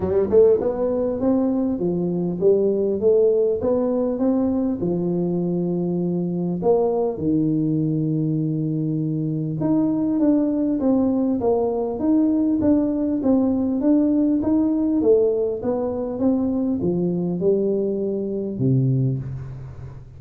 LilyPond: \new Staff \with { instrumentName = "tuba" } { \time 4/4 \tempo 4 = 100 g8 a8 b4 c'4 f4 | g4 a4 b4 c'4 | f2. ais4 | dis1 |
dis'4 d'4 c'4 ais4 | dis'4 d'4 c'4 d'4 | dis'4 a4 b4 c'4 | f4 g2 c4 | }